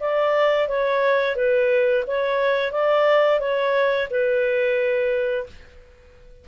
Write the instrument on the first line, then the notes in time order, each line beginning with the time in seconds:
clarinet
0.00 D5
0.68 C#5
1.36 B4
2.07 C#5
2.72 D5
3.40 C#5
4.10 B4